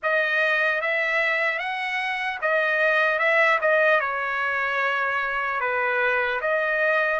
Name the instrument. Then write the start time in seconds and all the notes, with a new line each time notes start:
trumpet
0.03 D#5
0.81 E5
1.58 F#5
2.41 D#5
3.19 E5
3.61 D#5
4.00 C#5
5.60 B4
6.41 D#5